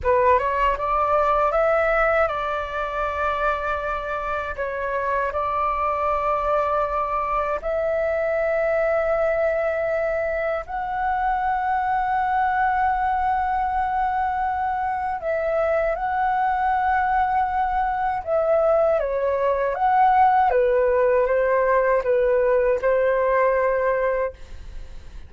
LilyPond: \new Staff \with { instrumentName = "flute" } { \time 4/4 \tempo 4 = 79 b'8 cis''8 d''4 e''4 d''4~ | d''2 cis''4 d''4~ | d''2 e''2~ | e''2 fis''2~ |
fis''1 | e''4 fis''2. | e''4 cis''4 fis''4 b'4 | c''4 b'4 c''2 | }